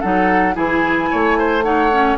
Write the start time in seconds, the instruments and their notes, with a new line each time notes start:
0.00 bassoon F#3, clarinet D#4, oboe A4, flute F#5
0.54 bassoon E3, clarinet E4, oboe G#4, flute G#5
1.11 bassoon A3, oboe C#5
1.38 oboe C5
1.63 clarinet D#4, oboe C#5, flute F#5
1.92 clarinet C#4